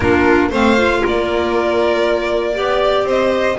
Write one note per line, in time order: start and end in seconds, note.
0.00 0.50 A#3
0.00 0.52 D4
0.00 0.49 F4
0.00 0.49 A#4
0.49 1.02 A3
0.49 0.77 C4
0.49 1.01 C5
0.49 1.05 F5
0.77 2.53 F4
1.03 2.58 A#3
1.03 2.55 A#4
1.03 3.08 D5
2.53 3.03 B3
2.53 3.56 G4
2.53 3.06 D5
3.03 3.55 C4
3.03 3.57 C5
3.03 3.58 D#5